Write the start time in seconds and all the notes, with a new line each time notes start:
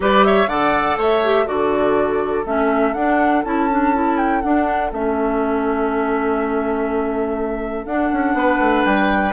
0.00 G3 G4 B4 D5
0.24 C#5 E5
0.47 D3 A4 D5 F#5
0.97 A3 C#5 E5
1.23 G4
1.45 D3 F#4 A4 D5
2.45 A3 C#4 E5
2.93 D4 F#5
3.44 C#4 E4 A5
3.70 D4
3.93 E4
4.17 G5
4.41 D4 F#5
4.91 A3 C#4 E5
7.85 D4 F#5
8.12 C#4
8.34 B3 B4
8.59 A3
8.84 G3 G5